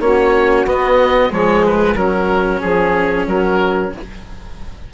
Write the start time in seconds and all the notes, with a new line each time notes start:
0.00 A#3 C#4 F#4 C#5
0.65 B3 D#5
1.30 F3 G#3 G#4 C#5
1.66 B4
1.95 F#3 C#4 F#4 A#4
2.60 F3 G#4
3.26 F#3 F#4 A#4